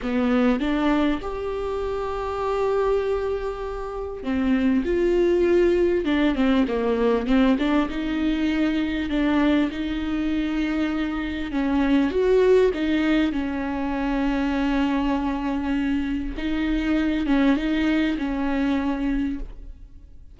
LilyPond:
\new Staff \with { instrumentName = "viola" } { \time 4/4 \tempo 4 = 99 b4 d'4 g'2~ | g'2. c'4 | f'2 d'8 c'8 ais4 | c'8 d'8 dis'2 d'4 |
dis'2. cis'4 | fis'4 dis'4 cis'2~ | cis'2. dis'4~ | dis'8 cis'8 dis'4 cis'2 | }